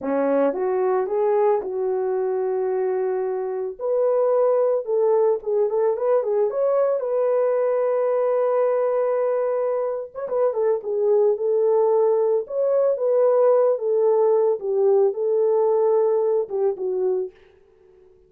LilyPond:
\new Staff \with { instrumentName = "horn" } { \time 4/4 \tempo 4 = 111 cis'4 fis'4 gis'4 fis'4~ | fis'2. b'4~ | b'4 a'4 gis'8 a'8 b'8 gis'8 | cis''4 b'2.~ |
b'2~ b'8. cis''16 b'8 a'8 | gis'4 a'2 cis''4 | b'4. a'4. g'4 | a'2~ a'8 g'8 fis'4 | }